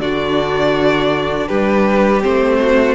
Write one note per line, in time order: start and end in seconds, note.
0.00 1.48 D3
0.00 2.21 D4
0.00 1.48 F#4
0.00 1.48 D5
1.48 2.25 G3
1.48 2.59 G4
1.48 2.22 B4
2.21 2.96 A3
2.21 2.96 C4
2.21 2.96 C5
2.60 2.96 F#4